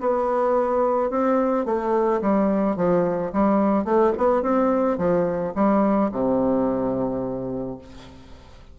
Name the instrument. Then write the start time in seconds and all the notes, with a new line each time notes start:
bassoon
0.00 B3
1.10 C4
1.65 A3
2.21 G3
2.76 F3
3.32 G3
3.84 A3
4.17 B3
4.42 C4
4.97 F3
5.55 G3
6.11 C3